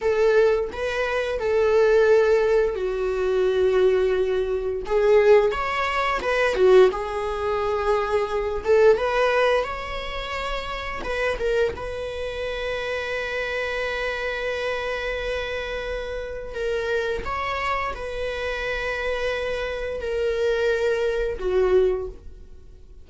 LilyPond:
\new Staff \with { instrumentName = "viola" } { \time 4/4 \tempo 4 = 87 a'4 b'4 a'2 | fis'2. gis'4 | cis''4 b'8 fis'8 gis'2~ | gis'8 a'8 b'4 cis''2 |
b'8 ais'8 b'2.~ | b'1 | ais'4 cis''4 b'2~ | b'4 ais'2 fis'4 | }